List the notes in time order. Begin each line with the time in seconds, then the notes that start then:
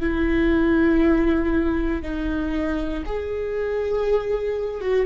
0.00 E4
2.02 D#4
3.06 G#4
4.81 F#4